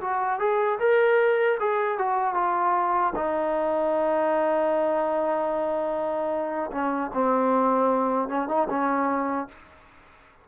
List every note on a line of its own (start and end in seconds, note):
0.00 0.39 F#4
0.39 0.79 G#4
0.79 1.58 A#4
1.59 1.98 G#4
1.98 2.34 F#4
2.34 3.13 F4
3.15 6.70 D#4
6.71 7.11 C#4
7.14 8.29 C4
8.29 8.48 C#4
8.48 8.68 D#4
8.69 9.48 C#4